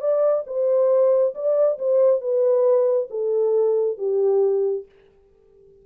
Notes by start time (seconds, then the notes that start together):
0.00 D5
0.47 C5
1.35 D5
1.79 C5
2.21 B4
3.10 A4
3.98 G4